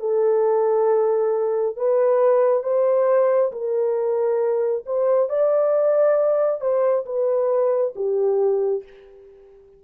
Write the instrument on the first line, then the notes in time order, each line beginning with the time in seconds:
horn
0.00 A4
1.76 B4
2.64 C5
3.53 A#4
4.86 C5
5.29 D5
6.61 C5
7.06 B4
7.96 G4